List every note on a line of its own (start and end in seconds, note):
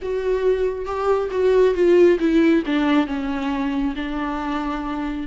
0.02 0.85 F#4
0.85 1.29 G4
1.31 1.74 F#4
1.74 2.18 F4
2.19 2.63 E4
2.66 3.06 D4
3.06 3.94 C#4
3.95 5.27 D4